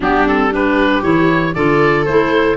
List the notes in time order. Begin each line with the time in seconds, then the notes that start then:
0.00 G3 B3 D4 G4
0.25 C4 A4
0.51 D4 G4 B4
1.02 E3 E4 C#5
1.54 D3 F4 A4 D5
2.05 A3 E4 C5